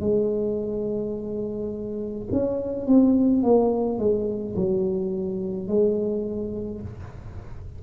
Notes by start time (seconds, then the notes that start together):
0.00 G#3
2.32 C#4
2.86 C4
3.42 A#3
3.98 G#3
4.55 F#3
5.68 G#3